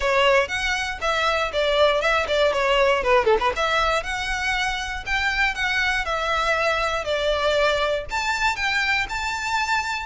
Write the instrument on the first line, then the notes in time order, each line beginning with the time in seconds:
violin
0.00 C#5
0.48 F#5
1.01 E5
1.52 D5
2.01 E5
2.27 D5
2.53 C#5
3.03 B4
3.24 A4
3.40 B4
3.55 E5
4.03 F#5
5.06 G5
5.55 F#5
6.05 E5
7.04 D5
8.10 A5
8.56 G5
9.09 A5